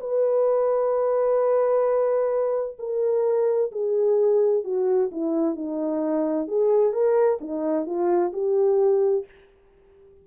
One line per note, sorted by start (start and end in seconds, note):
0.00 2.77 B4
2.79 3.71 A#4
3.72 4.64 G#4
4.64 5.10 F#4
5.11 5.56 E4
5.56 6.48 D#4
6.48 6.93 G#4
6.93 7.39 A#4
7.41 7.86 D#4
7.86 8.32 F4
8.33 9.25 G4